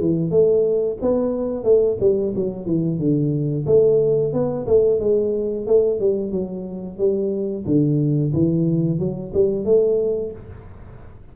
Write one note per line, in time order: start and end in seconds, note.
0.00 0.31 E3
0.31 0.97 A3
1.01 1.64 B3
1.64 1.97 A3
2.00 2.33 G3
2.35 2.66 F#3
2.66 2.98 E3
2.98 3.65 D3
3.66 4.32 A3
4.32 4.66 B3
4.66 5.00 A3
5.00 5.66 G#3
5.66 5.99 A3
5.99 6.31 G3
6.31 6.98 F#3
6.98 7.65 G3
7.65 8.32 D3
8.33 8.99 E3
8.99 9.32 F#3
9.34 9.65 G3
9.65 10.31 A3